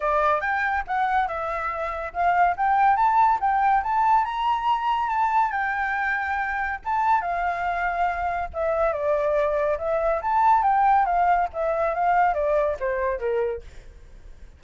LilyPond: \new Staff \with { instrumentName = "flute" } { \time 4/4 \tempo 4 = 141 d''4 g''4 fis''4 e''4~ | e''4 f''4 g''4 a''4 | g''4 a''4 ais''2 | a''4 g''2. |
a''4 f''2. | e''4 d''2 e''4 | a''4 g''4 f''4 e''4 | f''4 d''4 c''4 ais'4 | }